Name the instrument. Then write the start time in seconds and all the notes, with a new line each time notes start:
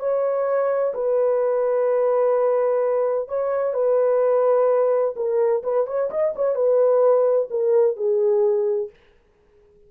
horn
0.00 C#5
0.94 B4
3.29 C#5
3.74 B4
5.16 A#4
5.64 B4
5.87 C#5
6.11 D#5
6.36 C#5
6.55 B4
7.51 A#4
7.97 G#4